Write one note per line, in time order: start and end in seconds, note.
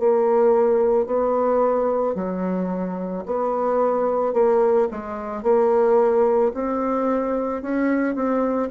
0.00 1.07 A#3
1.07 2.15 B3
2.15 3.24 F#3
3.26 4.34 B3
4.34 4.88 A#3
4.91 5.43 G#3
5.43 6.53 A#3
6.55 7.63 C4
7.63 8.16 C#4
8.16 8.70 C4